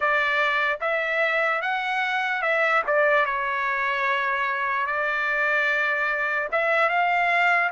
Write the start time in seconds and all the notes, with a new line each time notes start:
0.00 D5
0.81 E5
1.61 F#5
2.41 E5
2.86 D5
3.25 C#5
4.86 D5
6.51 E5
6.89 F5